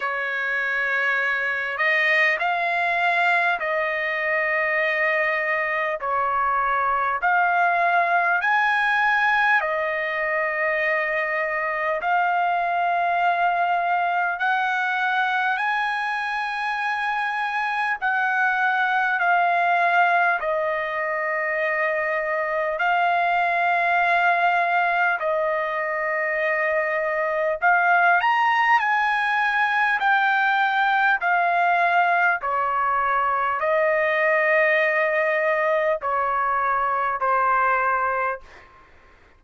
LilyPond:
\new Staff \with { instrumentName = "trumpet" } { \time 4/4 \tempo 4 = 50 cis''4. dis''8 f''4 dis''4~ | dis''4 cis''4 f''4 gis''4 | dis''2 f''2 | fis''4 gis''2 fis''4 |
f''4 dis''2 f''4~ | f''4 dis''2 f''8 ais''8 | gis''4 g''4 f''4 cis''4 | dis''2 cis''4 c''4 | }